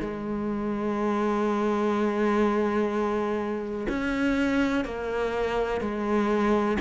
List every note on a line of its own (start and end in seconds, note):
0.00 3.87 G#3
3.89 4.85 C#4
4.85 5.81 A#3
5.81 6.77 G#3